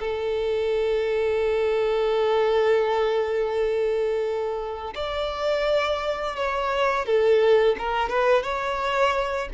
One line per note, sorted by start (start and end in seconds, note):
0.00 4.94 A4
4.95 6.36 D5
6.36 7.06 C#5
7.06 7.76 A4
7.79 8.10 A#4
8.10 8.43 B4
8.43 9.49 C#5